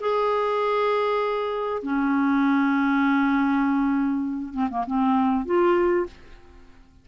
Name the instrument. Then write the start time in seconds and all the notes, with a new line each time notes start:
clarinet
0.00 G#4
1.82 C#4
4.53 C4
4.69 A#3
4.87 C4
5.45 F4